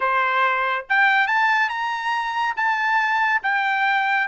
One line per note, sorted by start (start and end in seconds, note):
0.00 0.85 C5
0.89 1.27 G5
1.27 1.69 A5
1.69 2.54 A#5
2.56 3.41 A5
3.43 4.27 G5